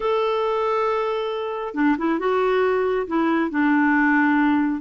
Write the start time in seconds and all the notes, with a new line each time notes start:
0.00 A4
1.74 D4
1.97 E4
2.19 F#4
3.07 E4
3.50 D4